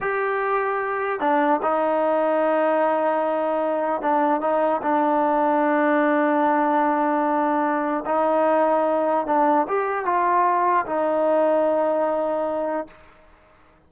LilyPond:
\new Staff \with { instrumentName = "trombone" } { \time 4/4 \tempo 4 = 149 g'2. d'4 | dis'1~ | dis'2 d'4 dis'4 | d'1~ |
d'1 | dis'2. d'4 | g'4 f'2 dis'4~ | dis'1 | }